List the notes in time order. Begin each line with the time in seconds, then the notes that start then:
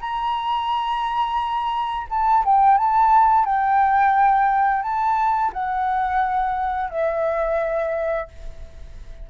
0.00 A#5
2.09 A5
2.45 G5
2.77 A5
3.45 G5
4.82 A5
5.52 F#5
6.90 E5